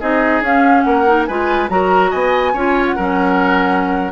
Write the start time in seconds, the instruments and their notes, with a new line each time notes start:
0.00 bassoon C4, clarinet D#4, oboe G#4, flute D#5
0.41 bassoon C#4, clarinet C#4, flute F5
0.81 bassoon A#3, oboe A#4, flute F#5
1.07 clarinet D#4
1.26 bassoon G#3, clarinet F4, oboe B4, flute G#5
1.69 bassoon F#3, clarinet F#4, oboe A#4, flute A#5
2.10 bassoon B3, oboe D#5, flute G#5
2.53 bassoon C#4, clarinet F4, oboe C#5
2.87 flute F#5
2.96 bassoon F#3, clarinet C#4, oboe A#4